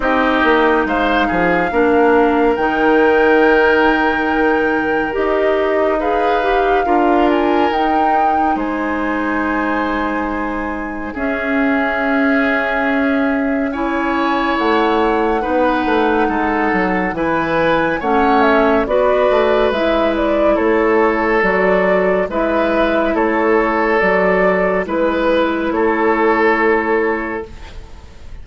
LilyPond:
<<
  \new Staff \with { instrumentName = "flute" } { \time 4/4 \tempo 4 = 70 dis''4 f''2 g''4~ | g''2 dis''4 f''4~ | f''8 gis''8 g''4 gis''2~ | gis''4 e''2. |
gis''4 fis''2. | gis''4 fis''8 e''8 d''4 e''8 d''8 | cis''4 d''4 e''4 cis''4 | d''4 b'4 cis''2 | }
  \new Staff \with { instrumentName = "oboe" } { \time 4/4 g'4 c''8 gis'8 ais'2~ | ais'2. b'4 | ais'2 c''2~ | c''4 gis'2. |
cis''2 b'4 a'4 | b'4 cis''4 b'2 | a'2 b'4 a'4~ | a'4 b'4 a'2 | }
  \new Staff \with { instrumentName = "clarinet" } { \time 4/4 dis'2 d'4 dis'4~ | dis'2 g'4 gis'8 g'8 | f'4 dis'2.~ | dis'4 cis'2. |
e'2 dis'2 | e'4 cis'4 fis'4 e'4~ | e'4 fis'4 e'2 | fis'4 e'2. | }
  \new Staff \with { instrumentName = "bassoon" } { \time 4/4 c'8 ais8 gis8 f8 ais4 dis4~ | dis2 dis'2 | d'4 dis'4 gis2~ | gis4 cis'2.~ |
cis'4 a4 b8 a8 gis8 fis8 | e4 a4 b8 a8 gis4 | a4 fis4 gis4 a4 | fis4 gis4 a2 | }
>>